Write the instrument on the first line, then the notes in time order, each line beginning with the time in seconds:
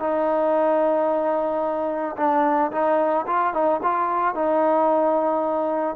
trombone
0.00 D#4
2.17 D4
2.72 D#4
3.27 F4
3.54 D#4
3.83 F4
4.35 D#4